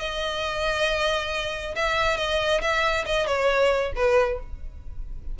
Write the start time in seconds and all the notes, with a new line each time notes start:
0.00 D#5
1.76 E5
2.17 D#5
2.62 E5
3.06 D#5
3.27 C#5
3.96 B4